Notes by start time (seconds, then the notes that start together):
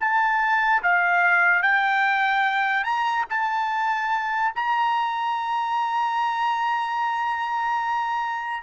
0.00 A5
0.83 F5
1.62 G5
2.84 A#5
3.30 A5
4.55 A#5